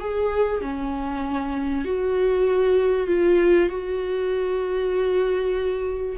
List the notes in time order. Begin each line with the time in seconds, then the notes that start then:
0.00 G#4
0.61 C#4
1.85 F#4
3.07 F4
3.69 F#4